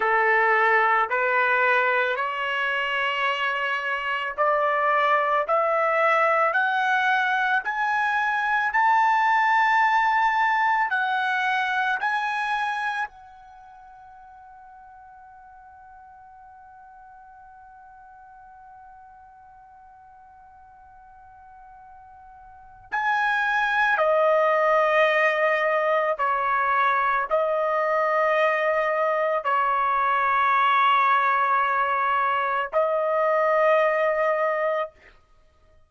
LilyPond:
\new Staff \with { instrumentName = "trumpet" } { \time 4/4 \tempo 4 = 55 a'4 b'4 cis''2 | d''4 e''4 fis''4 gis''4 | a''2 fis''4 gis''4 | fis''1~ |
fis''1~ | fis''4 gis''4 dis''2 | cis''4 dis''2 cis''4~ | cis''2 dis''2 | }